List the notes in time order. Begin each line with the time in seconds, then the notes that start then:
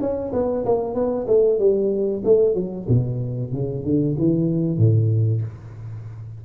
0.00 C#4
0.32 B3
0.65 A#3
0.94 B3
1.27 A3
1.58 G3
2.24 A3
2.54 F#3
2.88 B2
3.52 C#3
3.84 D3
4.18 E3
4.77 A2